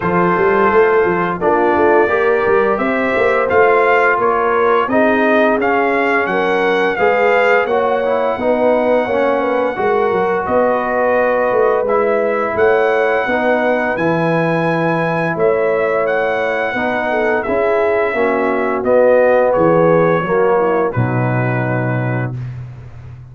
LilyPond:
<<
  \new Staff \with { instrumentName = "trumpet" } { \time 4/4 \tempo 4 = 86 c''2 d''2 | e''4 f''4 cis''4 dis''4 | f''4 fis''4 f''4 fis''4~ | fis''2. dis''4~ |
dis''4 e''4 fis''2 | gis''2 e''4 fis''4~ | fis''4 e''2 dis''4 | cis''2 b'2 | }
  \new Staff \with { instrumentName = "horn" } { \time 4/4 a'2 f'4 ais'4 | c''2 ais'4 gis'4~ | gis'4 ais'4 b'4 cis''4 | b'4 cis''8 b'8 ais'4 b'4~ |
b'2 cis''4 b'4~ | b'2 cis''2 | b'8 a'8 gis'4 fis'2 | gis'4 fis'8 e'8 dis'2 | }
  \new Staff \with { instrumentName = "trombone" } { \time 4/4 f'2 d'4 g'4~ | g'4 f'2 dis'4 | cis'2 gis'4 fis'8 e'8 | dis'4 cis'4 fis'2~ |
fis'4 e'2 dis'4 | e'1 | dis'4 e'4 cis'4 b4~ | b4 ais4 fis2 | }
  \new Staff \with { instrumentName = "tuba" } { \time 4/4 f8 g8 a8 f8 ais8 a8 ais8 g8 | c'8 ais8 a4 ais4 c'4 | cis'4 fis4 gis4 ais4 | b4 ais4 gis8 fis8 b4~ |
b8 a8 gis4 a4 b4 | e2 a2 | b4 cis'4 ais4 b4 | e4 fis4 b,2 | }
>>